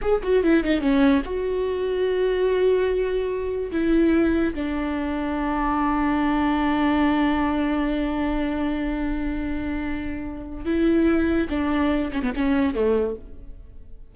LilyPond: \new Staff \with { instrumentName = "viola" } { \time 4/4 \tempo 4 = 146 gis'8 fis'8 e'8 dis'8 cis'4 fis'4~ | fis'1~ | fis'4 e'2 d'4~ | d'1~ |
d'1~ | d'1~ | d'2 e'2 | d'4. cis'16 b16 cis'4 a4 | }